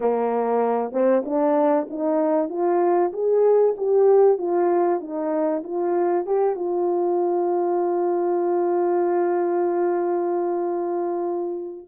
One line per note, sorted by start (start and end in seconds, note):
0.00 0.92 A#3
0.92 1.23 C4
1.25 1.88 D4
1.89 2.49 D#4
2.49 3.11 F4
3.12 3.75 G#4
3.77 4.38 G4
4.38 5.00 F4
5.00 5.62 D#4
5.63 6.26 F4
6.26 6.55 G4
6.55 11.86 F4